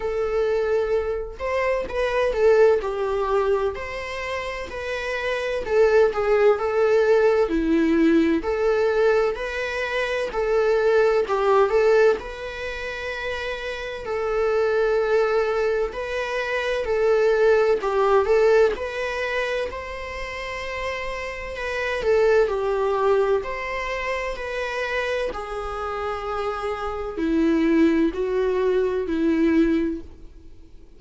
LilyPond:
\new Staff \with { instrumentName = "viola" } { \time 4/4 \tempo 4 = 64 a'4. c''8 b'8 a'8 g'4 | c''4 b'4 a'8 gis'8 a'4 | e'4 a'4 b'4 a'4 | g'8 a'8 b'2 a'4~ |
a'4 b'4 a'4 g'8 a'8 | b'4 c''2 b'8 a'8 | g'4 c''4 b'4 gis'4~ | gis'4 e'4 fis'4 e'4 | }